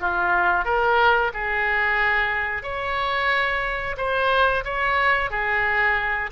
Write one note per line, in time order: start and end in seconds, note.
0.00 0.65 F4
0.65 1.32 A#4
1.34 2.63 G#4
2.63 3.96 C#5
3.97 4.64 C5
4.64 5.30 C#5
5.30 6.30 G#4